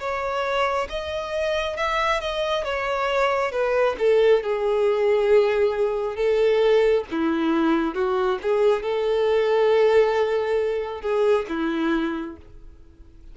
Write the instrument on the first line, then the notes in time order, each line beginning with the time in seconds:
violin
0.00 C#5
0.90 D#5
1.77 E5
2.21 D#5
2.65 C#5
3.52 B4
3.99 A4
4.43 G#4
6.16 A4
7.11 E4
7.95 F#4
8.43 G#4
8.83 A4
11.02 G#4
11.49 E4